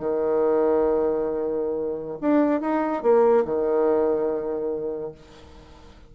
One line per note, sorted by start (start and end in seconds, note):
0.00 2.19 D#3
2.22 2.61 D4
2.61 3.03 D#4
3.03 3.45 A#3
3.45 5.12 D#3